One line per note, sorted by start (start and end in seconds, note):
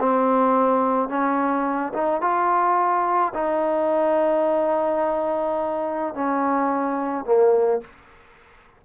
0.00 1.09 C4
1.09 1.93 C#4
1.94 2.21 D#4
2.21 3.33 F4
3.35 6.15 D#4
6.15 7.25 C#4
7.25 7.82 A#3